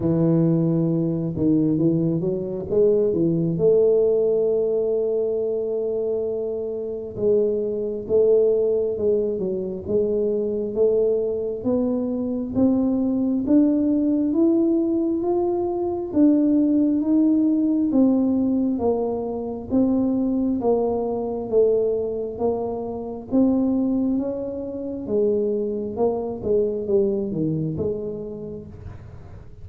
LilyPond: \new Staff \with { instrumentName = "tuba" } { \time 4/4 \tempo 4 = 67 e4. dis8 e8 fis8 gis8 e8 | a1 | gis4 a4 gis8 fis8 gis4 | a4 b4 c'4 d'4 |
e'4 f'4 d'4 dis'4 | c'4 ais4 c'4 ais4 | a4 ais4 c'4 cis'4 | gis4 ais8 gis8 g8 dis8 gis4 | }